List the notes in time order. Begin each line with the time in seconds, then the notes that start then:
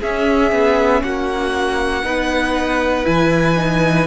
0.00 C#4 G#4 E5
0.51 B3
1.03 A#3 F#4 F#5
2.03 B3 D#4 B4
3.04 E3 E4 G#5
3.56 D#4